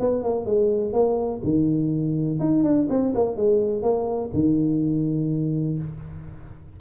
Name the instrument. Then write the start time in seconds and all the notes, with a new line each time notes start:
tuba
0.00 B3
0.23 A#3
0.46 G#3
0.93 A#3
1.44 D#3
2.40 D#4
2.64 D4
2.90 C4
3.15 A#3
3.37 G#3
3.82 A#3
4.34 D#3